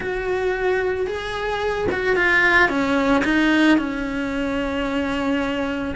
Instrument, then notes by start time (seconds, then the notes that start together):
cello
0.00 F#4
1.06 G#4
1.91 F#4
2.16 F4
2.69 C#4
3.24 D#4
3.78 C#4